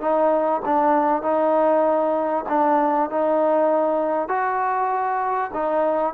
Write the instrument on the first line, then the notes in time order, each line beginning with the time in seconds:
trombone
0.00 D#4
0.65 D4
1.22 D#4
2.48 D4
3.09 D#4
4.28 F#4
5.53 D#4